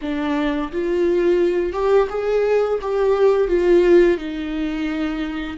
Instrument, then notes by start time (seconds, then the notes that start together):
viola
0.01 D4
0.72 F4
1.73 G4
2.09 G#4
2.81 G4
3.47 F4
4.17 D#4